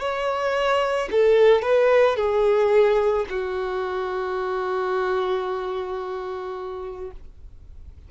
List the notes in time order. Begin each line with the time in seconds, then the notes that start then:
0.00 C#5
1.12 A4
1.62 B4
2.17 G#4
3.30 F#4